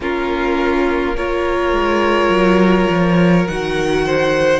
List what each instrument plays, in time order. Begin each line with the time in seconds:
0.00 cello A#3, viola C#4, violin F4 A#4
1.16 viola F4, violin A#4 C#5
1.72 cello G#3
2.29 cello F#3
2.90 cello F3
3.47 cello D#3, viola F#4, violin F#5
4.06 violin C5